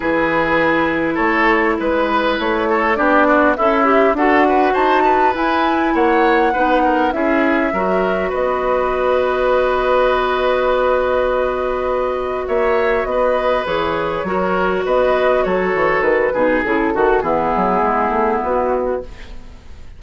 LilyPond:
<<
  \new Staff \with { instrumentName = "flute" } { \time 4/4 \tempo 4 = 101 b'2 cis''4 b'4 | cis''4 d''4 e''4 fis''4 | a''4 gis''4 fis''2 | e''2 dis''2~ |
dis''1~ | dis''4 e''4 dis''4 cis''4~ | cis''4 dis''4 cis''4 b'4 | a'4 gis'2 fis'4 | }
  \new Staff \with { instrumentName = "oboe" } { \time 4/4 gis'2 a'4 b'4~ | b'8 a'8 g'8 fis'8 e'4 a'8 b'8 | c''8 b'4. cis''4 b'8 ais'8 | gis'4 ais'4 b'2~ |
b'1~ | b'4 cis''4 b'2 | ais'4 b'4 a'4. gis'8~ | gis'8 fis'8 e'2. | }
  \new Staff \with { instrumentName = "clarinet" } { \time 4/4 e'1~ | e'4 d'4 a'8 g'8 fis'4~ | fis'4 e'2 dis'4 | e'4 fis'2.~ |
fis'1~ | fis'2. gis'4 | fis'2.~ fis'8 dis'8 | e'8 fis'8 b2. | }
  \new Staff \with { instrumentName = "bassoon" } { \time 4/4 e2 a4 gis4 | a4 b4 cis'4 d'4 | dis'4 e'4 ais4 b4 | cis'4 fis4 b2~ |
b1~ | b4 ais4 b4 e4 | fis4 b4 fis8 e8 dis8 b,8 | cis8 dis8 e8 fis8 gis8 a8 b4 | }
>>